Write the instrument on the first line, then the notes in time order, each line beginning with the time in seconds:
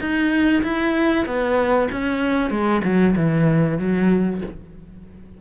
cello
0.00 D#4
0.63 E4
1.26 B3
1.91 C#4
2.50 G#3
2.84 F#3
3.16 E3
3.78 F#3